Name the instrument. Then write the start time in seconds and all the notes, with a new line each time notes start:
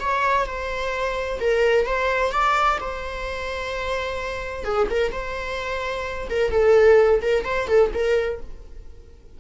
viola
0.00 C#5
0.46 C5
1.40 A#4
1.86 C5
2.32 D5
2.81 C5
4.64 G#4
4.90 A#4
5.12 C5
6.30 A#4
6.51 A4
7.22 A#4
7.45 C5
7.68 A4
7.94 A#4